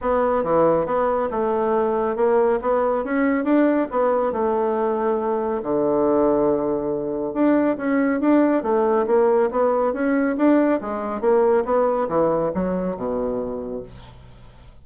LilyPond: \new Staff \with { instrumentName = "bassoon" } { \time 4/4 \tempo 4 = 139 b4 e4 b4 a4~ | a4 ais4 b4 cis'4 | d'4 b4 a2~ | a4 d2.~ |
d4 d'4 cis'4 d'4 | a4 ais4 b4 cis'4 | d'4 gis4 ais4 b4 | e4 fis4 b,2 | }